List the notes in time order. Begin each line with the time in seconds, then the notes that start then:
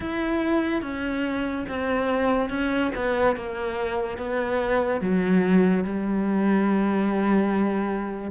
0.00 E4
0.82 C#4
1.68 C4
2.49 C#4
2.95 B3
3.36 A#3
4.17 B3
5.00 F#3
5.83 G3